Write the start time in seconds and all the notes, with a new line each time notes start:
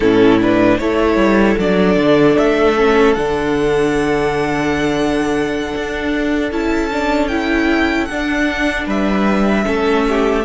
0.00 A2 C#4 E4 A4
0.40 D4 B4
0.78 A3 E4 A4 C#5
1.15 G3
1.58 F#3 D4 D5
1.96 D3
2.37 A3 E5
2.77 C#4
3.14 D3 D4 F#5
5.75 D4
6.51 C#4 E4 A5
6.91 D4
7.27 E4 G5
8.05 D4 F#5
8.86 G3 B4 E5
9.64 A3 C#4 A4
10.08 G4